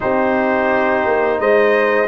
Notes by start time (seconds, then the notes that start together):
0.00 C4 D#4 G4 C5
1.05 A#3
1.39 G#3 C5 D#5